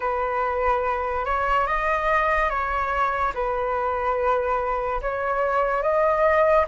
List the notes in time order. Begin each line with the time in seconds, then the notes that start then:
0.00 B4
1.25 C#5
1.67 D#5
2.49 C#5
3.34 B4
5.01 C#5
5.82 D#5